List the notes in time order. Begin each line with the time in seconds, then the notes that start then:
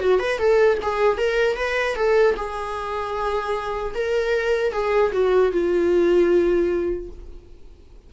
0.00 F#4
0.19 B4
0.38 A4
0.82 G#4
1.18 A#4
1.56 B4
1.96 A4
2.36 G#4
3.94 A#4
4.72 G#4
5.12 F#4
5.52 F4